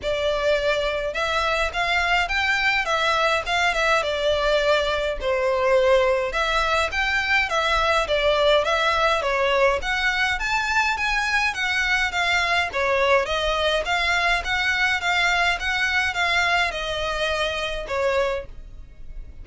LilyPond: \new Staff \with { instrumentName = "violin" } { \time 4/4 \tempo 4 = 104 d''2 e''4 f''4 | g''4 e''4 f''8 e''8 d''4~ | d''4 c''2 e''4 | g''4 e''4 d''4 e''4 |
cis''4 fis''4 a''4 gis''4 | fis''4 f''4 cis''4 dis''4 | f''4 fis''4 f''4 fis''4 | f''4 dis''2 cis''4 | }